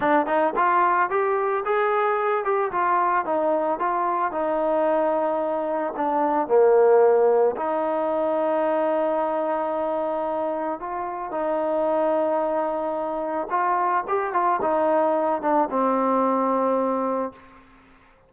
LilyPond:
\new Staff \with { instrumentName = "trombone" } { \time 4/4 \tempo 4 = 111 d'8 dis'8 f'4 g'4 gis'4~ | gis'8 g'8 f'4 dis'4 f'4 | dis'2. d'4 | ais2 dis'2~ |
dis'1 | f'4 dis'2.~ | dis'4 f'4 g'8 f'8 dis'4~ | dis'8 d'8 c'2. | }